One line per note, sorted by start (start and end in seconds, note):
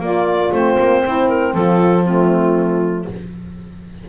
0.00 0.50 A#3
0.00 0.51 A#3
0.00 1.03 F4
0.00 0.53 D5
0.52 0.77 A3
0.52 2.04 C4
0.52 1.28 C5
0.79 1.04 A#3
1.04 1.54 C4
1.04 1.53 E4
1.28 1.53 A#4
1.53 3.06 F3
1.53 2.03 F4
1.53 2.04 A4
2.03 3.09 A3
2.03 3.04 C4
2.03 3.05 F4